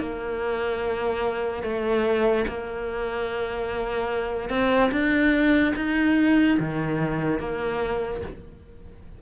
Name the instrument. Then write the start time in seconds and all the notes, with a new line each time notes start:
cello
0.00 A#3
1.63 A3
2.48 A#3
4.50 C4
4.92 D4
5.76 D#4
6.60 D#3
7.40 A#3